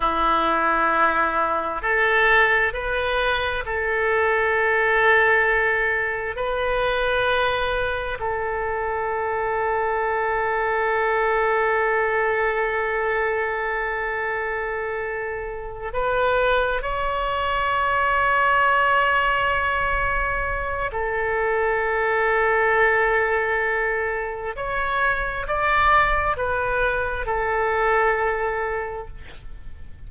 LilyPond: \new Staff \with { instrumentName = "oboe" } { \time 4/4 \tempo 4 = 66 e'2 a'4 b'4 | a'2. b'4~ | b'4 a'2.~ | a'1~ |
a'4. b'4 cis''4.~ | cis''2. a'4~ | a'2. cis''4 | d''4 b'4 a'2 | }